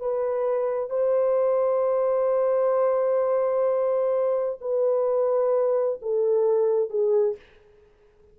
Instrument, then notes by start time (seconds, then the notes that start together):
horn
0.00 B4
0.90 C5
4.62 B4
6.02 A4
6.90 G#4